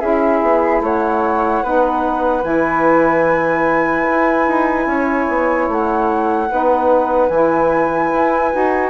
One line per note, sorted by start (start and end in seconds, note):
0.00 0.42 C#4
0.00 1.63 E4
0.00 0.82 G#4
0.00 0.81 E5
0.42 0.80 B3
0.80 1.61 A3
0.80 1.63 C#5
0.80 2.44 F#5
1.63 2.44 B3
1.63 2.42 D#4
1.63 4.88 B4
2.42 4.06 E3
2.42 6.47 E4
2.42 5.68 G#5
4.10 4.47 E4
4.47 4.86 D#4
4.86 5.27 C#4
4.86 6.49 C#5
5.28 5.68 B3
5.68 6.49 A3
5.68 7.29 F#5
6.49 7.29 B3
6.49 7.31 D#4
6.49 8.90 B4
7.29 8.10 E3
7.29 8.52 E4
7.29 8.90 G#5
8.14 8.54 E4
8.52 8.90 D#4
8.52 8.90 F#4